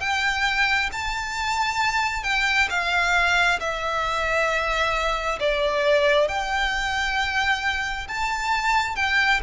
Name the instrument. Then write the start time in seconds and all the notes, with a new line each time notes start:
violin
0.00 G5
0.92 A5
2.23 G5
2.69 F5
3.60 E5
5.40 D5
6.28 G5
8.08 A5
8.96 G5